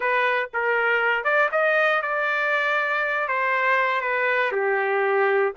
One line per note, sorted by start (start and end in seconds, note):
0.00 0.49 B4
0.53 1.24 A#4
1.24 1.49 D5
1.51 2.01 D#5
2.01 3.28 D5
3.28 4.01 C5
4.01 4.51 B4
4.51 5.52 G4